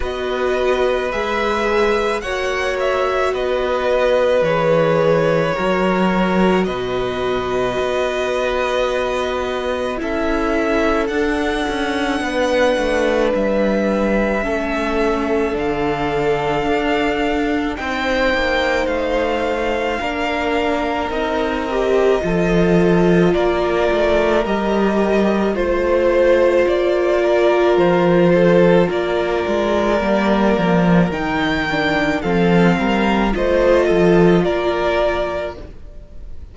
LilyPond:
<<
  \new Staff \with { instrumentName = "violin" } { \time 4/4 \tempo 4 = 54 dis''4 e''4 fis''8 e''8 dis''4 | cis''2 dis''2~ | dis''4 e''4 fis''2 | e''2 f''2 |
g''4 f''2 dis''4~ | dis''4 d''4 dis''4 c''4 | d''4 c''4 d''2 | g''4 f''4 dis''4 d''4 | }
  \new Staff \with { instrumentName = "violin" } { \time 4/4 b'2 cis''4 b'4~ | b'4 ais'4 b'2~ | b'4 a'2 b'4~ | b'4 a'2. |
c''2 ais'2 | a'4 ais'2 c''4~ | c''8 ais'4 a'8 ais'2~ | ais'4 a'8 ais'8 c''8 a'8 ais'4 | }
  \new Staff \with { instrumentName = "viola" } { \time 4/4 fis'4 gis'4 fis'2 | gis'4 fis'2.~ | fis'4 e'4 d'2~ | d'4 cis'4 d'2 |
dis'2 d'4 dis'8 g'8 | f'2 g'4 f'4~ | f'2. ais4 | dis'8 d'8 c'4 f'2 | }
  \new Staff \with { instrumentName = "cello" } { \time 4/4 b4 gis4 ais4 b4 | e4 fis4 b,4 b4~ | b4 cis'4 d'8 cis'8 b8 a8 | g4 a4 d4 d'4 |
c'8 ais8 a4 ais4 c'4 | f4 ais8 a8 g4 a4 | ais4 f4 ais8 gis8 g8 f8 | dis4 f8 g8 a8 f8 ais4 | }
>>